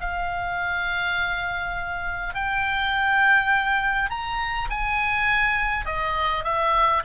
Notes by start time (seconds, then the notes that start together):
0.00 F5
2.34 G5
4.10 A#5
4.70 G#5
5.85 D#5
6.44 E5